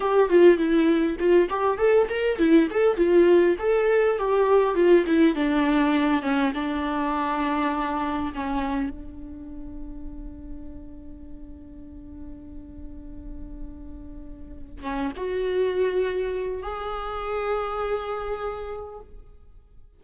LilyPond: \new Staff \with { instrumentName = "viola" } { \time 4/4 \tempo 4 = 101 g'8 f'8 e'4 f'8 g'8 a'8 ais'8 | e'8 a'8 f'4 a'4 g'4 | f'8 e'8 d'4. cis'8 d'4~ | d'2 cis'4 d'4~ |
d'1~ | d'1~ | d'4 cis'8 fis'2~ fis'8 | gis'1 | }